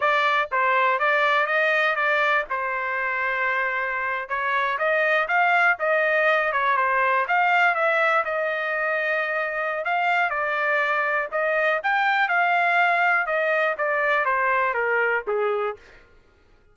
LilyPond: \new Staff \with { instrumentName = "trumpet" } { \time 4/4 \tempo 4 = 122 d''4 c''4 d''4 dis''4 | d''4 c''2.~ | c''8. cis''4 dis''4 f''4 dis''16~ | dis''4~ dis''16 cis''8 c''4 f''4 e''16~ |
e''8. dis''2.~ dis''16 | f''4 d''2 dis''4 | g''4 f''2 dis''4 | d''4 c''4 ais'4 gis'4 | }